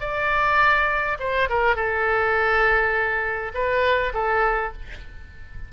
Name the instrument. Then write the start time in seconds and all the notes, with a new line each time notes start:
oboe
0.00 D5
1.19 C5
1.49 A#4
1.76 A4
3.54 B4
4.14 A4